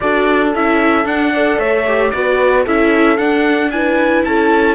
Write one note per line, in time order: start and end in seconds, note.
0.00 0.55 D4
0.00 0.54 F#4
0.00 1.33 A4
0.00 0.51 D5
0.55 1.05 C#4
0.55 1.05 E4
0.55 1.07 E5
1.05 1.58 D4
1.05 1.32 D4
1.05 1.59 F#5
1.33 1.86 A4
1.33 1.59 D5
1.59 2.12 A3
1.59 2.12 C#5
1.59 2.10 E5
1.86 2.13 G4
2.10 2.66 B3
2.10 2.66 F#4
2.10 2.63 B4
2.10 2.63 D5
2.63 3.18 C#4
2.63 3.17 E4
2.63 3.70 A4
2.63 3.17 E5
3.17 3.70 D4
3.17 4.24 D4
3.17 3.70 F#5
3.71 4.75 E4
3.71 4.27 B4
3.71 4.24 G#5
4.24 4.75 C#4
4.24 4.75 A4
4.24 4.75 A5